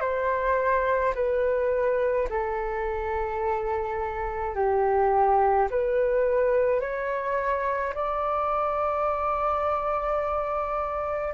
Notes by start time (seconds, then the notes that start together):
0.00 C5
1.14 B4
2.30 A4
4.55 G4
5.70 B4
6.80 C#5
7.94 D5